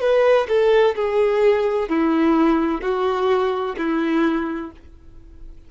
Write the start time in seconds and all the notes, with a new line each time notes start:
0.00 B4
0.48 A4
0.95 G#4
1.89 E4
2.81 F#4
3.77 E4